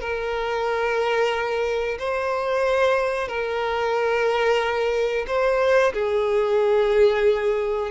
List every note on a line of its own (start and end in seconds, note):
0.00 1.98 A#4
1.98 3.28 C5
3.28 5.25 A#4
5.27 5.93 C5
5.93 7.90 G#4